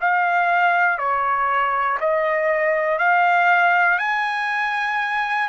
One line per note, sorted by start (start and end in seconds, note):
0.00 0.98 F5
0.98 1.98 C#5
2.00 2.99 D#5
2.99 3.99 F5
3.99 5.48 G#5